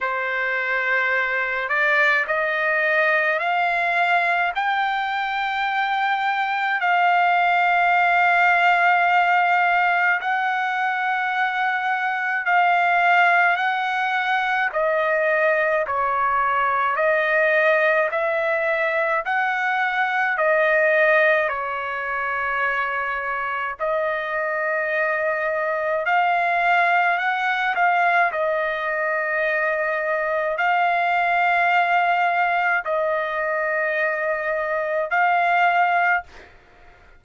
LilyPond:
\new Staff \with { instrumentName = "trumpet" } { \time 4/4 \tempo 4 = 53 c''4. d''8 dis''4 f''4 | g''2 f''2~ | f''4 fis''2 f''4 | fis''4 dis''4 cis''4 dis''4 |
e''4 fis''4 dis''4 cis''4~ | cis''4 dis''2 f''4 | fis''8 f''8 dis''2 f''4~ | f''4 dis''2 f''4 | }